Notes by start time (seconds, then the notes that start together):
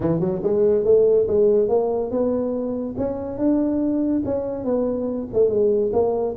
0.00 E3
0.20 F#3
0.43 G#3
0.84 A3
1.27 G#3
1.68 A#3
2.10 B3
2.97 C#4
3.37 D4
4.25 C#4
4.64 B3
5.33 A3
5.49 G#3
5.93 A#3